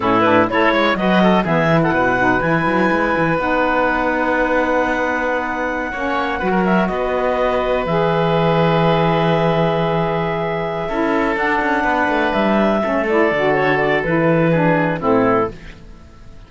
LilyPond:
<<
  \new Staff \with { instrumentName = "clarinet" } { \time 4/4 \tempo 4 = 124 a'8 b'8 cis''4 dis''4 e''8. fis''16~ | fis''4 gis''2 fis''4~ | fis''1~ | fis''4.~ fis''16 e''8 dis''4.~ dis''16~ |
dis''16 e''2.~ e''8.~ | e''2.~ e''8 fis''8~ | fis''4. e''4. d''4 | cis''8 d''8 b'2 a'4 | }
  \new Staff \with { instrumentName = "oboe" } { \time 4/4 e'4 a'8 cis''8 b'8 a'8 gis'8. a'16 | b'1~ | b'1~ | b'16 cis''4 b'16 ais'8. b'4.~ b'16~ |
b'1~ | b'2~ b'8 a'4.~ | a'8 b'2 a'4.~ | a'2 gis'4 e'4 | }
  \new Staff \with { instrumentName = "saxophone" } { \time 4/4 cis'8 d'8 e'4 fis'4 b8 e'8~ | e'8 dis'8 e'2 dis'4~ | dis'1~ | dis'16 cis'4 fis'2~ fis'8.~ |
fis'16 gis'2.~ gis'8.~ | gis'2~ gis'8 e'4 d'8~ | d'2~ d'8 cis'8 e'8 fis'8~ | fis'4 e'4 d'4 c'4 | }
  \new Staff \with { instrumentName = "cello" } { \time 4/4 a,4 a8 gis8 fis4 e4 | b,4 e8 fis8 gis8 e8 b4~ | b1~ | b16 ais4 fis4 b4.~ b16~ |
b16 e2.~ e8.~ | e2~ e8 cis'4 d'8 | cis'8 b8 a8 g4 a4 d8~ | d4 e2 a,4 | }
>>